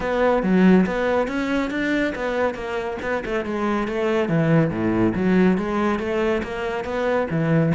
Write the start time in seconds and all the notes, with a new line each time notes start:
0.00 B3
0.42 F#3
0.86 B3
1.27 C#4
1.70 D4
2.15 B3
2.54 A#3
3.02 B3
3.25 A3
3.45 G#3
3.87 A3
4.28 E3
4.70 A2
5.14 F#3
5.57 G#3
5.99 A3
6.43 A#3
6.84 B3
7.30 E3